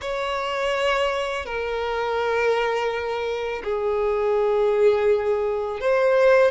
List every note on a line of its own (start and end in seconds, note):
0.01 1.45 C#5
1.45 3.62 A#4
3.63 5.80 G#4
5.80 6.51 C5